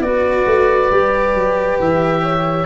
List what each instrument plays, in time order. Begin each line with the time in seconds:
0.00 tuba B3, cello F#4, horn B4, oboe D5
0.46 tuba A3
0.90 tuba G3, cello G4
1.34 tuba F#3
1.79 tuba E3, oboe E5
2.22 horn C#5